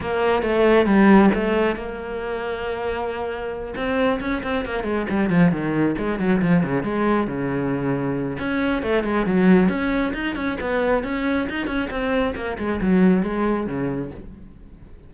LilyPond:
\new Staff \with { instrumentName = "cello" } { \time 4/4 \tempo 4 = 136 ais4 a4 g4 a4 | ais1~ | ais8 c'4 cis'8 c'8 ais8 gis8 g8 | f8 dis4 gis8 fis8 f8 cis8 gis8~ |
gis8 cis2~ cis8 cis'4 | a8 gis8 fis4 cis'4 dis'8 cis'8 | b4 cis'4 dis'8 cis'8 c'4 | ais8 gis8 fis4 gis4 cis4 | }